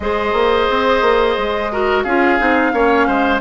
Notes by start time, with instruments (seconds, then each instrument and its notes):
0.00 bassoon G#3, clarinet G#4, oboe C5, flute D#5
0.32 bassoon A#3
0.69 bassoon C4
1.01 bassoon A#3
1.37 bassoon G#3
1.71 clarinet F#4, oboe A#4
2.03 bassoon C#4, clarinet F4, oboe G#4, flute F5
2.38 bassoon C4, clarinet D#4
2.72 bassoon A#3, clarinet C#4, oboe C#5
3.07 bassoon G#3, oboe C5